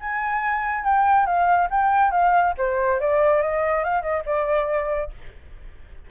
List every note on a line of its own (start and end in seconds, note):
0.00 0.84 G#5
0.84 1.26 G5
1.26 1.69 F5
1.71 2.11 G5
2.11 2.54 F5
2.58 3.00 C5
3.00 3.42 D5
3.42 3.84 D#5
3.84 4.02 F5
4.02 4.23 D#5
4.26 5.11 D5